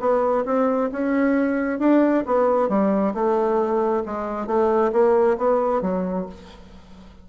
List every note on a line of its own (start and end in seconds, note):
0.00 0.45 B3
0.45 0.90 C4
0.92 1.80 C#4
1.80 2.24 D4
2.26 2.69 B3
2.69 3.14 G3
3.14 4.04 A3
4.06 4.47 G#3
4.47 4.92 A3
4.93 5.37 A#3
5.38 5.82 B3
5.82 6.26 F#3